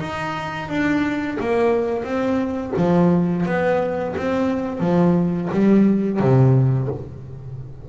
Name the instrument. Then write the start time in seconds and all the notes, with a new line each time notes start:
double bass
0.00 D#4
0.69 D4
1.40 A#3
2.04 C4
2.77 F3
3.46 B3
4.16 C4
4.80 F3
5.52 G3
6.20 C3